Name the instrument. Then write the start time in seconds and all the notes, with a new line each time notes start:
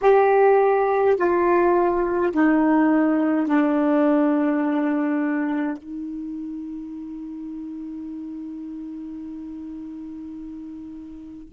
saxophone
0.01 G4
1.16 F4
2.32 D#4
3.46 D4
5.77 D#4